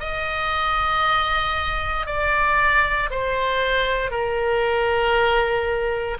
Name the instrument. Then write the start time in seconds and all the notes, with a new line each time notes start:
oboe
0.00 D#5
2.06 D5
3.10 C5
4.11 A#4